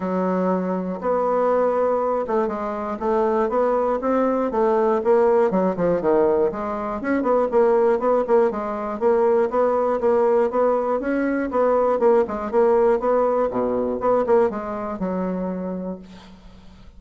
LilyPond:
\new Staff \with { instrumentName = "bassoon" } { \time 4/4 \tempo 4 = 120 fis2 b2~ | b8 a8 gis4 a4 b4 | c'4 a4 ais4 fis8 f8 | dis4 gis4 cis'8 b8 ais4 |
b8 ais8 gis4 ais4 b4 | ais4 b4 cis'4 b4 | ais8 gis8 ais4 b4 b,4 | b8 ais8 gis4 fis2 | }